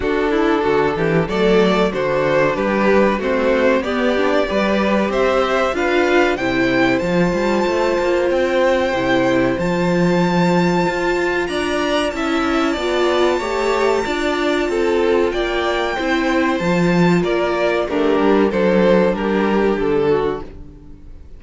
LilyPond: <<
  \new Staff \with { instrumentName = "violin" } { \time 4/4 \tempo 4 = 94 a'2 d''4 c''4 | b'4 c''4 d''2 | e''4 f''4 g''4 a''4~ | a''4 g''2 a''4~ |
a''2 ais''4 a''4~ | a''1 | g''2 a''4 d''4 | ais'4 c''4 ais'4 a'4 | }
  \new Staff \with { instrumentName = "violin" } { \time 4/4 fis'8 e'8 fis'8 g'8 a'4 fis'4 | g'4 fis'4 g'4 b'4 | c''4 b'4 c''2~ | c''1~ |
c''2 d''4 e''4 | d''4 cis''4 d''4 a'4 | d''4 c''2 ais'4 | d'4 a'4 g'4. fis'8 | }
  \new Staff \with { instrumentName = "viola" } { \time 4/4 d'2 a4 d'4~ | d'4 c'4 b8 d'8 g'4~ | g'4 f'4 e'4 f'4~ | f'2 e'4 f'4~ |
f'2. e'4 | f'4 g'4 f'2~ | f'4 e'4 f'2 | g'4 d'2. | }
  \new Staff \with { instrumentName = "cello" } { \time 4/4 d'4 d8 e8 fis4 d4 | g4 a4 b4 g4 | c'4 d'4 c4 f8 g8 | a8 ais8 c'4 c4 f4~ |
f4 f'4 d'4 cis'4 | b4 a4 d'4 c'4 | ais4 c'4 f4 ais4 | a8 g8 fis4 g4 d4 | }
>>